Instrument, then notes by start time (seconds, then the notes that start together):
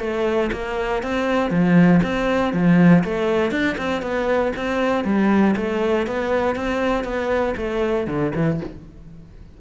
cello
0.00 A3
0.52 A#3
1.03 C4
1.50 F3
2.02 C4
2.53 F3
3.04 A3
3.51 D4
3.77 C4
4.02 B3
4.56 C4
5.04 G3
5.56 A3
6.07 B3
6.55 C4
7.04 B3
7.57 A3
8.07 D3
8.35 E3